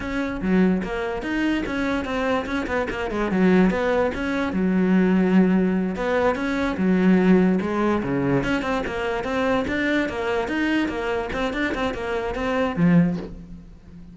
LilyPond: \new Staff \with { instrumentName = "cello" } { \time 4/4 \tempo 4 = 146 cis'4 fis4 ais4 dis'4 | cis'4 c'4 cis'8 b8 ais8 gis8 | fis4 b4 cis'4 fis4~ | fis2~ fis8 b4 cis'8~ |
cis'8 fis2 gis4 cis8~ | cis8 cis'8 c'8 ais4 c'4 d'8~ | d'8 ais4 dis'4 ais4 c'8 | d'8 c'8 ais4 c'4 f4 | }